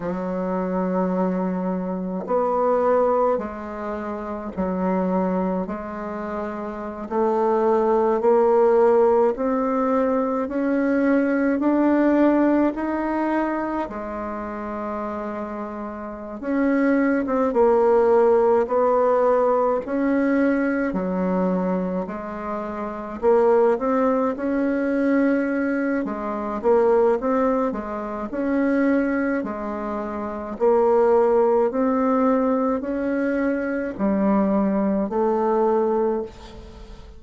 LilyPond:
\new Staff \with { instrumentName = "bassoon" } { \time 4/4 \tempo 4 = 53 fis2 b4 gis4 | fis4 gis4~ gis16 a4 ais8.~ | ais16 c'4 cis'4 d'4 dis'8.~ | dis'16 gis2~ gis16 cis'8. c'16 ais8~ |
ais8 b4 cis'4 fis4 gis8~ | gis8 ais8 c'8 cis'4. gis8 ais8 | c'8 gis8 cis'4 gis4 ais4 | c'4 cis'4 g4 a4 | }